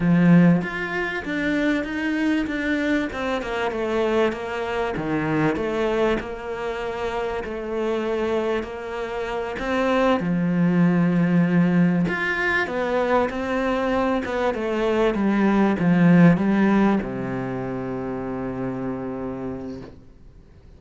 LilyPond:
\new Staff \with { instrumentName = "cello" } { \time 4/4 \tempo 4 = 97 f4 f'4 d'4 dis'4 | d'4 c'8 ais8 a4 ais4 | dis4 a4 ais2 | a2 ais4. c'8~ |
c'8 f2. f'8~ | f'8 b4 c'4. b8 a8~ | a8 g4 f4 g4 c8~ | c1 | }